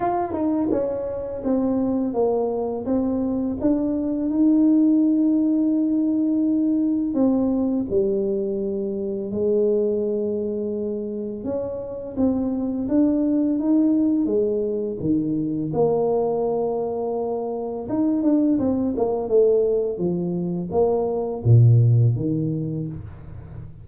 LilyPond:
\new Staff \with { instrumentName = "tuba" } { \time 4/4 \tempo 4 = 84 f'8 dis'8 cis'4 c'4 ais4 | c'4 d'4 dis'2~ | dis'2 c'4 g4~ | g4 gis2. |
cis'4 c'4 d'4 dis'4 | gis4 dis4 ais2~ | ais4 dis'8 d'8 c'8 ais8 a4 | f4 ais4 ais,4 dis4 | }